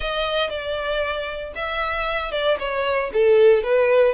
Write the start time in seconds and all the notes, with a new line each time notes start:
0.00 D#5
0.49 D5
1.55 E5
2.31 D5
2.59 C#5
3.13 A4
3.63 B4